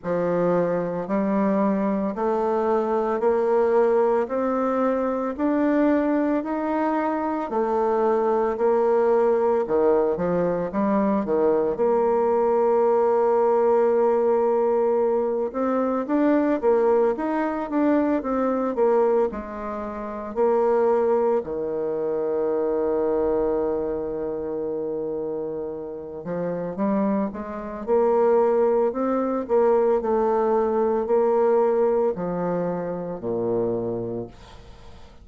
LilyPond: \new Staff \with { instrumentName = "bassoon" } { \time 4/4 \tempo 4 = 56 f4 g4 a4 ais4 | c'4 d'4 dis'4 a4 | ais4 dis8 f8 g8 dis8 ais4~ | ais2~ ais8 c'8 d'8 ais8 |
dis'8 d'8 c'8 ais8 gis4 ais4 | dis1~ | dis8 f8 g8 gis8 ais4 c'8 ais8 | a4 ais4 f4 ais,4 | }